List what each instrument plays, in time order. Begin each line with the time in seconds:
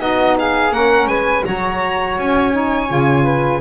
0.00 double bass B3, saxophone D#4, flute F#4, violin D#5
0.39 flute G#4, violin F5
0.71 double bass A#3, saxophone C#4, flute A#4, violin F#5
1.07 double bass G#3, flute B4, violin G#5
1.44 double bass F#3, saxophone F#4, flute C#5, violin A#5
2.19 double bass C#4, violin G#5
2.52 saxophone D#4
2.88 double bass C#3, saxophone F4
3.24 flute B4